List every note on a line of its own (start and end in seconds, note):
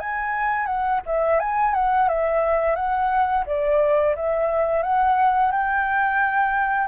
0.00 0.66 G#5
0.66 1.01 F#5
1.06 1.40 E5
1.40 1.74 G#5
1.74 2.08 F#5
2.08 2.76 E5
2.76 3.45 F#5
3.46 4.15 D5
4.16 4.83 E5
4.83 5.52 F#5
5.52 6.88 G5